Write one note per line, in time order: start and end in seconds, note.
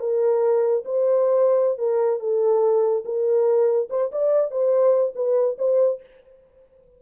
0.00 0.84 A#4
0.85 1.79 C5
1.79 2.20 A#4
2.20 3.04 A4
3.05 3.89 A#4
3.90 4.11 C5
4.12 4.51 D5
4.51 5.14 C5
5.15 5.57 B4
5.58 6.00 C5